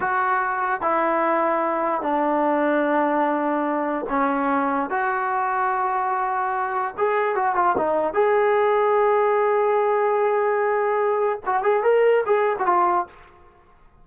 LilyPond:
\new Staff \with { instrumentName = "trombone" } { \time 4/4 \tempo 4 = 147 fis'2 e'2~ | e'4 d'2.~ | d'2 cis'2 | fis'1~ |
fis'4 gis'4 fis'8 f'8 dis'4 | gis'1~ | gis'1 | fis'8 gis'8 ais'4 gis'8. fis'16 f'4 | }